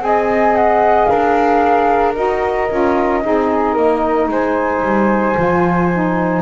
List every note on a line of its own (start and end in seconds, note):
0.00 1.07 C4
0.00 2.14 G#4
0.00 1.10 D#5
0.00 0.56 G#5
0.56 1.06 F#5
1.06 2.17 D4
1.06 3.24 A#4
1.06 2.13 F5
2.15 2.71 D#4
2.15 2.69 F#4
2.15 4.31 D#5
2.70 3.25 C#4
2.70 3.22 F4
3.22 3.77 C4
3.22 5.36 D#4
3.22 3.74 G#4
3.74 4.29 A#3
3.74 4.28 A#4
4.29 4.82 G#3
4.29 6.43 C5
4.29 6.43 G#5
4.82 5.36 G3
5.37 6.43 F3
5.37 5.90 F4
5.93 6.43 D#4